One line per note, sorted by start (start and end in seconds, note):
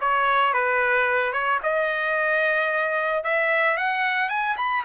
0.00 0.53 C#5
0.53 1.32 B4
1.32 1.59 C#5
1.63 3.23 D#5
3.23 3.77 E5
3.77 4.29 F#5
4.29 4.56 G#5
4.57 4.84 B5